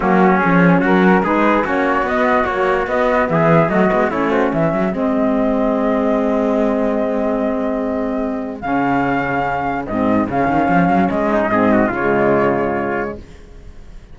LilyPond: <<
  \new Staff \with { instrumentName = "flute" } { \time 4/4 \tempo 4 = 146 fis'4 gis'4 ais'4 b'4 | cis''4 dis''4 cis''4 dis''4 | e''4 dis''4 cis''8 c''8 e''4 | dis''1~ |
dis''1~ | dis''4 f''2. | dis''4 f''2 dis''4~ | dis''4 cis''2. | }
  \new Staff \with { instrumentName = "trumpet" } { \time 4/4 cis'2 fis'4 gis'4 | fis'1 | gis'4 fis'4 e'8 fis'8 gis'4~ | gis'1~ |
gis'1~ | gis'1~ | gis'2.~ gis'8 dis'8 | gis'8 fis'8 f'2. | }
  \new Staff \with { instrumentName = "saxophone" } { \time 4/4 ais4 cis'2 dis'4 | cis'4 b4 fis4 b4~ | b4 a8 b8 cis'2 | c'1~ |
c'1~ | c'4 cis'2. | c'4 cis'2. | c'4 gis2. | }
  \new Staff \with { instrumentName = "cello" } { \time 4/4 fis4 f4 fis4 gis4 | ais4 b4 ais4 b4 | e4 fis8 gis8 a4 e8 fis8 | gis1~ |
gis1~ | gis4 cis2. | gis,4 cis8 dis8 f8 fis8 gis4 | gis,4 cis2. | }
>>